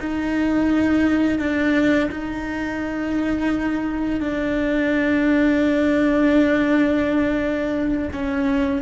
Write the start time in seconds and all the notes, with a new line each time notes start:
0.00 D#4
1.39 D4
2.10 D#4
4.20 D4
8.13 C#4